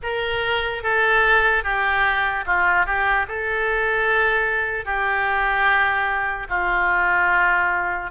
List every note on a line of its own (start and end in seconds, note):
0.02 0.83 A#4
0.83 1.63 A4
1.63 2.44 G4
2.46 2.86 F4
2.86 3.26 G4
3.28 4.85 A4
4.85 6.47 G4
6.49 8.10 F4